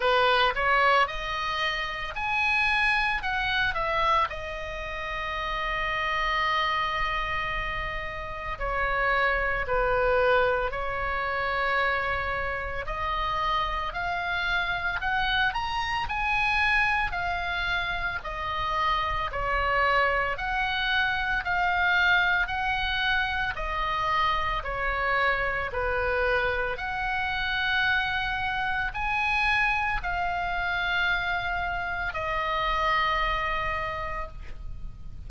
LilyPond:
\new Staff \with { instrumentName = "oboe" } { \time 4/4 \tempo 4 = 56 b'8 cis''8 dis''4 gis''4 fis''8 e''8 | dis''1 | cis''4 b'4 cis''2 | dis''4 f''4 fis''8 ais''8 gis''4 |
f''4 dis''4 cis''4 fis''4 | f''4 fis''4 dis''4 cis''4 | b'4 fis''2 gis''4 | f''2 dis''2 | }